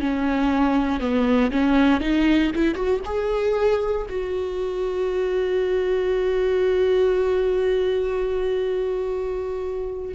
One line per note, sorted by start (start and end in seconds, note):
0.00 1.00 C#4
1.00 1.51 B3
1.52 2.01 C#4
2.01 2.51 D#4
2.55 2.75 E4
2.75 3.00 F#4
3.06 4.07 G#4
4.09 10.15 F#4